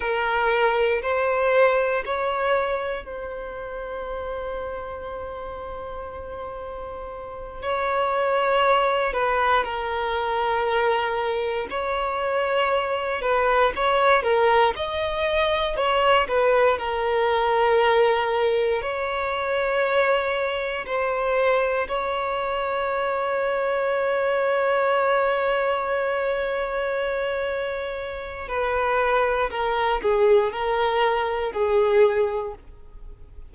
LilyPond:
\new Staff \with { instrumentName = "violin" } { \time 4/4 \tempo 4 = 59 ais'4 c''4 cis''4 c''4~ | c''2.~ c''8 cis''8~ | cis''4 b'8 ais'2 cis''8~ | cis''4 b'8 cis''8 ais'8 dis''4 cis''8 |
b'8 ais'2 cis''4.~ | cis''8 c''4 cis''2~ cis''8~ | cis''1 | b'4 ais'8 gis'8 ais'4 gis'4 | }